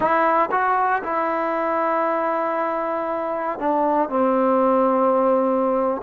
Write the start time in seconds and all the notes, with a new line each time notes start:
0.00 E4
0.51 F#4
1.03 E4
3.59 D4
4.09 C4